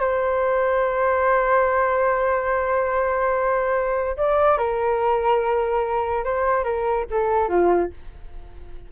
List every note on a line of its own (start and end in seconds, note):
0.00 4.17 C5
4.17 4.58 D5
4.58 6.24 A#4
6.24 6.64 C5
6.64 7.05 A#4
7.11 7.49 A4
7.49 7.90 F4